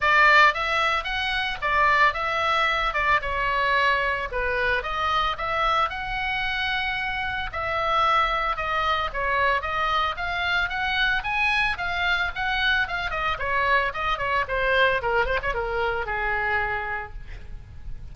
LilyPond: \new Staff \with { instrumentName = "oboe" } { \time 4/4 \tempo 4 = 112 d''4 e''4 fis''4 d''4 | e''4. d''8 cis''2 | b'4 dis''4 e''4 fis''4~ | fis''2 e''2 |
dis''4 cis''4 dis''4 f''4 | fis''4 gis''4 f''4 fis''4 | f''8 dis''8 cis''4 dis''8 cis''8 c''4 | ais'8 c''16 cis''16 ais'4 gis'2 | }